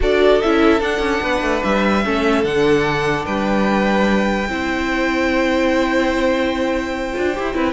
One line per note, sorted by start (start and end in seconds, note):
0.00 0.42 D4
0.00 0.40 F#4
0.00 1.23 A4
0.00 0.41 D5
0.41 0.80 C#4
0.41 0.80 E4
0.41 0.81 E5
0.80 2.02 D4
0.80 0.99 D4
0.80 1.63 F#5
0.99 1.19 C#4
1.22 1.41 B3
1.22 2.04 B4
1.41 1.62 A3
1.63 2.05 G3
1.63 2.44 E5
2.04 2.44 A3
2.04 2.44 C#4
2.04 3.25 A4
2.44 3.25 D3
2.44 4.48 D4
2.44 3.25 F#5
3.25 4.48 G3
3.25 4.47 B4
3.25 7.73 G5
4.48 7.14 C4
4.48 7.13 E4
4.48 7.54 C5
7.13 7.37 D4
7.13 7.33 F4
7.35 7.54 E4
7.35 7.53 G4
7.53 7.73 C4
7.53 7.73 E4
7.53 7.73 B4